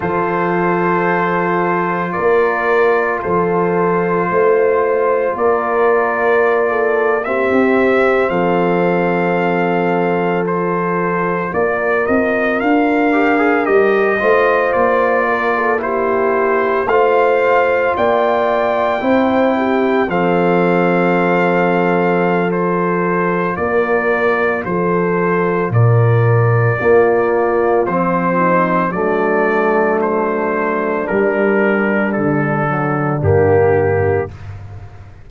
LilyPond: <<
  \new Staff \with { instrumentName = "trumpet" } { \time 4/4 \tempo 4 = 56 c''2 d''4 c''4~ | c''4 d''4.~ d''16 e''4 f''16~ | f''4.~ f''16 c''4 d''8 dis''8 f''16~ | f''8. dis''4 d''4 c''4 f''16~ |
f''8. g''2 f''4~ f''16~ | f''4 c''4 d''4 c''4 | d''2 c''4 d''4 | c''4 ais'4 a'4 g'4 | }
  \new Staff \with { instrumentName = "horn" } { \time 4/4 a'2 ais'4 a'4 | c''4 ais'4~ ais'16 a'8 g'4 a'16~ | a'2~ a'8. ais'4~ ais'16~ | ais'4~ ais'16 c''4 ais'16 a'16 g'4 c''16~ |
c''8. d''4 c''8 g'8 a'4~ a'16~ | a'2 ais'4 a'4 | ais'4 f'4. dis'8 d'4~ | d'1 | }
  \new Staff \with { instrumentName = "trombone" } { \time 4/4 f'1~ | f'2~ f'8. c'4~ c'16~ | c'4.~ c'16 f'2~ f'16~ | f'16 g'16 gis'16 g'8 f'4. e'4 f'16~ |
f'4.~ f'16 e'4 c'4~ c'16~ | c'4 f'2.~ | f'4 ais4 c'4 a4~ | a4 g4. fis8 ais4 | }
  \new Staff \with { instrumentName = "tuba" } { \time 4/4 f2 ais4 f4 | a4 ais2 c'8. f16~ | f2~ f8. ais8 c'8 d'16~ | d'8. g8 a8 ais2 a16~ |
a8. ais4 c'4 f4~ f16~ | f2 ais4 f4 | ais,4 ais4 f4 fis4~ | fis4 g4 d4 g,4 | }
>>